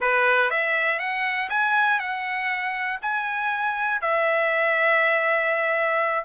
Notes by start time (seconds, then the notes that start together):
0.00 B4
0.50 E5
0.99 F#5
1.49 G#5
1.99 F#5
3.01 G#5
4.01 E5